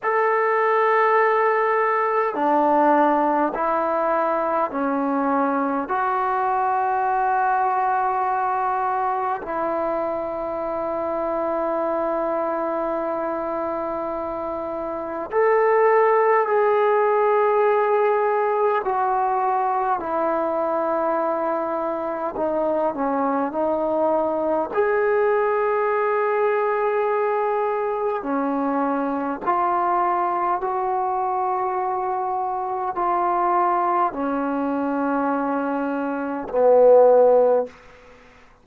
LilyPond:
\new Staff \with { instrumentName = "trombone" } { \time 4/4 \tempo 4 = 51 a'2 d'4 e'4 | cis'4 fis'2. | e'1~ | e'4 a'4 gis'2 |
fis'4 e'2 dis'8 cis'8 | dis'4 gis'2. | cis'4 f'4 fis'2 | f'4 cis'2 b4 | }